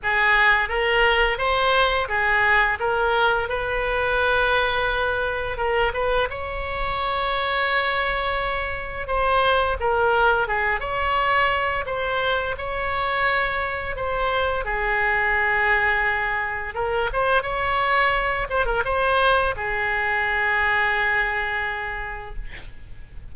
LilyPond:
\new Staff \with { instrumentName = "oboe" } { \time 4/4 \tempo 4 = 86 gis'4 ais'4 c''4 gis'4 | ais'4 b'2. | ais'8 b'8 cis''2.~ | cis''4 c''4 ais'4 gis'8 cis''8~ |
cis''4 c''4 cis''2 | c''4 gis'2. | ais'8 c''8 cis''4. c''16 ais'16 c''4 | gis'1 | }